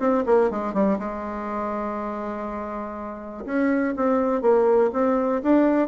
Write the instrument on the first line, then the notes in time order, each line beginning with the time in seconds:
bassoon
0.00 C4
0.26 A#3
0.51 G#3
0.74 G3
0.99 G#3
3.46 C#4
3.97 C4
4.42 A#3
4.93 C4
5.43 D4